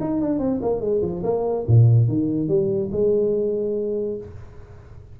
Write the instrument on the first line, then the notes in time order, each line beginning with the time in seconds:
tuba
0.00 D#4
0.21 D4
0.39 C4
0.62 A#3
0.80 G#3
1.01 F3
1.23 A#3
1.67 A#2
2.08 D#3
2.48 G3
2.91 G#3